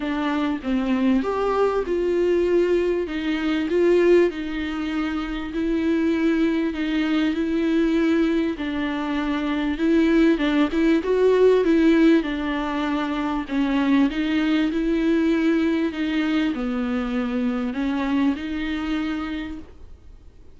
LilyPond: \new Staff \with { instrumentName = "viola" } { \time 4/4 \tempo 4 = 98 d'4 c'4 g'4 f'4~ | f'4 dis'4 f'4 dis'4~ | dis'4 e'2 dis'4 | e'2 d'2 |
e'4 d'8 e'8 fis'4 e'4 | d'2 cis'4 dis'4 | e'2 dis'4 b4~ | b4 cis'4 dis'2 | }